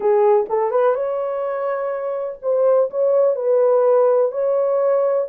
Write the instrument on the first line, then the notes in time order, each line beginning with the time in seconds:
horn
0.00 G#4
0.49 A4
0.71 B4
0.94 C#5
2.42 C5
2.90 C#5
3.35 B4
4.31 C#5